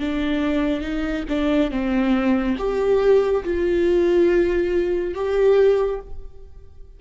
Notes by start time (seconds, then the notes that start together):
0.00 D4
0.81 D#4
1.29 D4
1.71 C4
2.59 G4
3.45 F4
5.15 G4